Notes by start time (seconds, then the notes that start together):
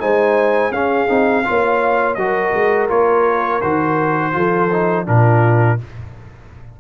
0.00 G#3 D#4 C5 G#5
0.71 C#4 G#4 F5
1.07 C4 D#4
1.45 A#3 F4 C#5
2.14 F#3 F#4 A#4 D#5
2.53 G#3
2.89 A#3 F4 C#5
3.61 D#3 F#4 C5
4.32 F3 F4 A4
4.72 D#4
5.06 A#2 D4 F4 A#4